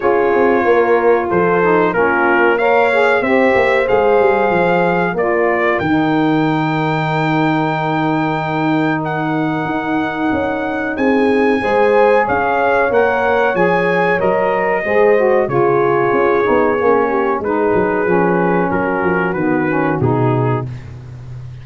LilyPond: <<
  \new Staff \with { instrumentName = "trumpet" } { \time 4/4 \tempo 4 = 93 cis''2 c''4 ais'4 | f''4 e''4 f''2 | d''4 g''2.~ | g''2 fis''2~ |
fis''4 gis''2 f''4 | fis''4 gis''4 dis''2 | cis''2. b'4~ | b'4 ais'4 b'4 gis'4 | }
  \new Staff \with { instrumentName = "horn" } { \time 4/4 gis'4 ais'4 a'4 f'4 | cis''4 c''2. | ais'1~ | ais'1~ |
ais'4 gis'4 c''4 cis''4~ | cis''2. c''4 | gis'2~ gis'8 g'8 gis'4~ | gis'4 fis'2. | }
  \new Staff \with { instrumentName = "saxophone" } { \time 4/4 f'2~ f'8 dis'8 cis'4 | ais'8 gis'8 g'4 gis'2 | f'4 dis'2.~ | dis'1~ |
dis'2 gis'2 | ais'4 gis'4 ais'4 gis'8 fis'8 | f'4. dis'8 cis'4 dis'4 | cis'2 b8 cis'8 dis'4 | }
  \new Staff \with { instrumentName = "tuba" } { \time 4/4 cis'8 c'8 ais4 f4 ais4~ | ais4 c'8 ais8 gis8 g8 f4 | ais4 dis2.~ | dis2. dis'4 |
cis'4 c'4 gis4 cis'4 | ais4 f4 fis4 gis4 | cis4 cis'8 b8 ais4 gis8 fis8 | f4 fis8 f8 dis4 b,4 | }
>>